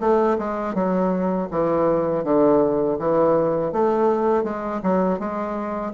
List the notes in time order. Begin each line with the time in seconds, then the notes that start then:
0.00 A3
0.38 G#3
0.74 F#3
1.51 E3
2.24 D3
2.99 E3
3.72 A3
4.43 G#3
4.83 F#3
5.19 G#3